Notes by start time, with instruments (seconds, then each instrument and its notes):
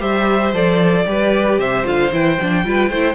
0.00 cello G3, viola G4, violin C5 E5
0.53 cello F3, viola A4, violin D5
1.07 cello G3, viola G4, violin B4
1.59 cello C3, violin C5 E5
1.85 cello D3, viola F4, violin F5
2.12 cello E3, viola E4, violin G5
2.41 cello F3, viola D4
2.65 cello G3, viola F4, violin B4
2.90 cello A3, viola E4, violin C5